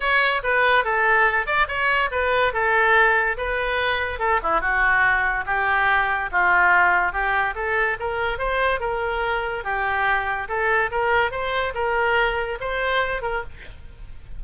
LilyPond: \new Staff \with { instrumentName = "oboe" } { \time 4/4 \tempo 4 = 143 cis''4 b'4 a'4. d''8 | cis''4 b'4 a'2 | b'2 a'8 e'8 fis'4~ | fis'4 g'2 f'4~ |
f'4 g'4 a'4 ais'4 | c''4 ais'2 g'4~ | g'4 a'4 ais'4 c''4 | ais'2 c''4. ais'8 | }